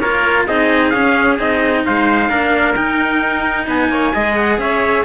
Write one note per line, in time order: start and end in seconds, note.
0.00 0.48 A#3
0.00 0.48 F4
0.00 0.46 A#4
0.00 0.46 C#5
0.47 0.94 C4
0.47 0.94 D#4
0.47 1.84 G#4
0.47 0.90 D#5
0.90 1.39 C#4
0.90 1.36 F5
1.39 1.85 C4
1.39 2.30 D#4
1.39 1.85 D#5
1.86 2.29 G#3
1.86 2.30 C5
1.86 2.75 F5
2.29 2.75 A#3
2.29 2.75 D4
2.29 3.67 A#4
2.75 4.13 D#4
2.75 3.68 D#4
2.75 3.67 G5
3.68 3.89 B3
3.68 3.91 B4
3.68 4.37 G#5
3.89 4.12 A#3
3.89 4.14 C#5
4.14 4.58 G#3
4.14 5.05 G#4
4.14 4.60 D#5
4.37 4.59 F#5
4.58 5.04 C#4
4.58 5.05 C#5
4.58 5.05 E5